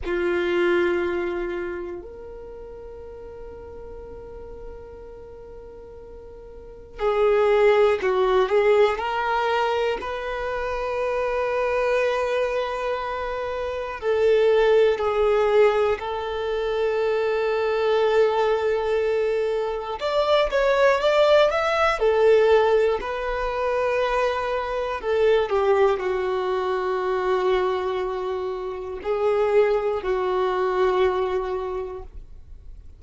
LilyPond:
\new Staff \with { instrumentName = "violin" } { \time 4/4 \tempo 4 = 60 f'2 ais'2~ | ais'2. gis'4 | fis'8 gis'8 ais'4 b'2~ | b'2 a'4 gis'4 |
a'1 | d''8 cis''8 d''8 e''8 a'4 b'4~ | b'4 a'8 g'8 fis'2~ | fis'4 gis'4 fis'2 | }